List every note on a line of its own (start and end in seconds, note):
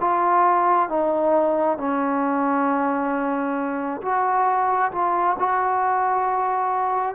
0.00 0.88 F4
0.88 1.77 D#4
1.77 4.01 C#4
4.01 4.91 F#4
4.91 5.36 F4
5.39 7.15 F#4